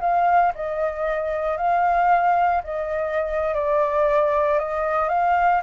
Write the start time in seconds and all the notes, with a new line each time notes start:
0.00 F5
0.55 D#5
1.57 F5
2.63 D#5
3.54 D5
4.59 D#5
5.09 F5